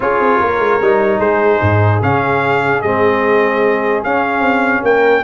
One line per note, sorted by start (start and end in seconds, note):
0.00 0.19 C#4
0.00 0.80 F4
0.00 0.40 G#4
0.00 1.19 C#5
0.19 0.39 C4
0.40 0.59 A#3
0.40 1.20 A#4
0.59 0.79 G#3
0.81 1.19 G3
0.81 2.02 D#4
1.19 1.59 G#3
1.19 4.82 G#4
1.19 2.00 C5
1.61 2.01 G#2
2.01 2.82 C#3
2.01 2.83 C#4
2.01 2.81 F5
2.81 4.03 G#3
2.81 4.04 C4
2.81 4.02 D#5
4.03 4.40 C#4
4.03 5.24 C#4
4.03 4.84 F5
4.40 4.81 C4
4.83 5.23 A#3
4.83 5.24 A#4
4.83 5.24 G5